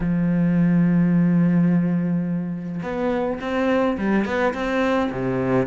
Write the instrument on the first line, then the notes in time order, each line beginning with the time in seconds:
cello
0.00 F3
2.83 B3
3.40 C4
3.98 G3
4.25 B3
4.54 C4
5.11 C3